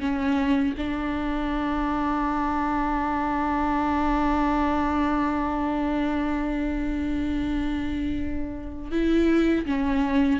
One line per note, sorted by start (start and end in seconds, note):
0.00 0.74 C#4
0.77 8.91 D4
8.91 9.65 E4
9.66 10.39 C#4